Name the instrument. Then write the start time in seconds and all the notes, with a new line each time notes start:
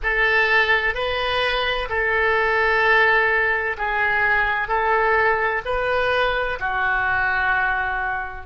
oboe
0.03 A4
0.94 B4
1.89 A4
3.78 G#4
4.67 A4
5.65 B4
6.59 F#4